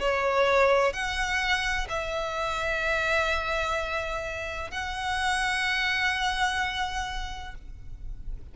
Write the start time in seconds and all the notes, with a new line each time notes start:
0.00 C#5
0.93 F#5
1.89 E5
4.71 F#5